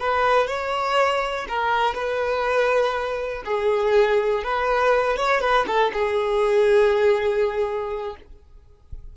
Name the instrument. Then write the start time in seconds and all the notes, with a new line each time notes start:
violin
0.00 B4
0.48 C#5
1.49 A#4
1.95 B4
3.46 G#4
4.44 B4
5.17 C#5
5.41 B4
5.67 A4
5.94 G#4